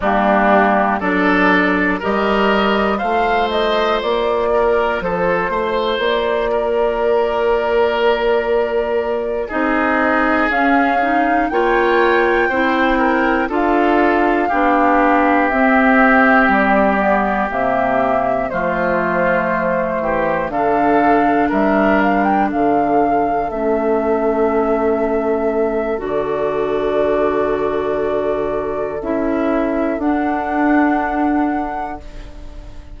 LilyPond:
<<
  \new Staff \with { instrumentName = "flute" } { \time 4/4 \tempo 4 = 60 g'4 d''4 dis''4 f''8 dis''8 | d''4 c''4 d''2~ | d''4. dis''4 f''4 g''8~ | g''4. f''2 e''8~ |
e''8 d''4 e''4 c''4.~ | c''8 f''4 e''8 f''16 g''16 f''4 e''8~ | e''2 d''2~ | d''4 e''4 fis''2 | }
  \new Staff \with { instrumentName = "oboe" } { \time 4/4 d'4 a'4 ais'4 c''4~ | c''8 ais'8 a'8 c''4 ais'4.~ | ais'4. gis'2 cis''8~ | cis''8 c''8 ais'8 a'4 g'4.~ |
g'2~ g'8 f'4. | g'8 a'4 ais'4 a'4.~ | a'1~ | a'1 | }
  \new Staff \with { instrumentName = "clarinet" } { \time 4/4 ais4 d'4 g'4 f'4~ | f'1~ | f'4. dis'4 cis'8 dis'8 f'8~ | f'8 e'4 f'4 d'4 c'8~ |
c'4 b8 ais4 a4.~ | a8 d'2. cis'8~ | cis'2 fis'2~ | fis'4 e'4 d'2 | }
  \new Staff \with { instrumentName = "bassoon" } { \time 4/4 g4 fis4 g4 a4 | ais4 f8 a8 ais2~ | ais4. c'4 cis'4 ais8~ | ais8 c'4 d'4 b4 c'8~ |
c'8 g4 c4 f4. | e8 d4 g4 d4 a8~ | a2 d2~ | d4 cis'4 d'2 | }
>>